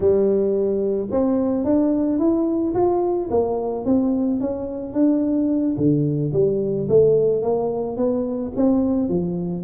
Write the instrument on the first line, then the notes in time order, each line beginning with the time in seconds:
tuba
0.00 G3
1.10 C4
1.64 D4
2.18 E4
2.74 F4
3.30 A#3
3.85 C4
4.40 C#4
4.93 D4
5.77 D3
6.33 G3
6.88 A3
7.42 A#3
7.97 B3
8.56 C4
9.08 F3